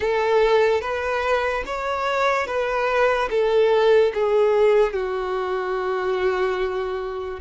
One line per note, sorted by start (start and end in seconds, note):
0.00 0.81 A4
0.81 1.63 B4
1.66 2.47 C#5
2.47 3.29 B4
3.30 4.12 A4
4.14 4.93 G#4
4.93 7.39 F#4